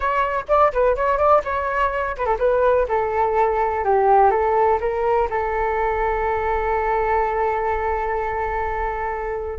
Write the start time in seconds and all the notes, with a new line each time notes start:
0.00 C#5
0.48 D5
0.72 B4
0.95 C#5
1.17 D5
1.44 C#5
2.17 B4
2.25 A4
2.39 B4
2.88 A4
3.84 G4
4.31 A4
4.80 A#4
5.30 A4